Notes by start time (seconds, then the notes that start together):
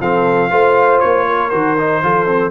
0.00 F3 C4 A4 F5
0.50 A3 F4 C5
0.99 A#3 C#5
1.26 A#4
1.49 D#3 F#4 C5
1.77 D#4
2.03 F3 F4 A4
2.26 C4